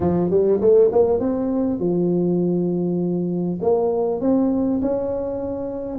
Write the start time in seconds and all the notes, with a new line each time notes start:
0.00 F3
0.30 G3
0.61 A3
0.92 A#3
1.19 C4
1.79 F3
3.61 A#3
4.20 C4
4.81 C#4